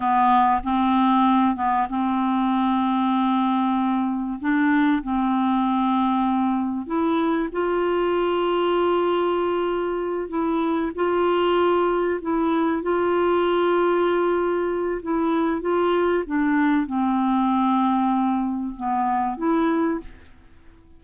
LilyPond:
\new Staff \with { instrumentName = "clarinet" } { \time 4/4 \tempo 4 = 96 b4 c'4. b8 c'4~ | c'2. d'4 | c'2. e'4 | f'1~ |
f'8 e'4 f'2 e'8~ | e'8 f'2.~ f'8 | e'4 f'4 d'4 c'4~ | c'2 b4 e'4 | }